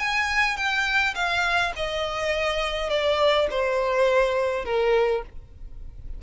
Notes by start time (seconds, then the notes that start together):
0.00 G#5
0.57 G5
1.15 F5
1.76 D#5
2.90 D5
3.51 C5
4.65 A#4